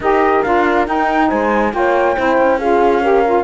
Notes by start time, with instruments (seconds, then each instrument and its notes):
0.00 cello D#4, saxophone G4, horn A#4, flute D#5
0.42 cello D4, saxophone F4, flute F5
0.86 saxophone D#4, cello D#4, flute G5
1.29 cello G#3, horn C5, flute G#5
1.72 cello A#3, saxophone F4, horn C#5, flute G5
2.16 cello C4, saxophone E4, horn C5
2.37 cello C#4
2.58 saxophone F4, horn G#4, flute F5
3.02 saxophone G4, horn A#4
3.25 saxophone F4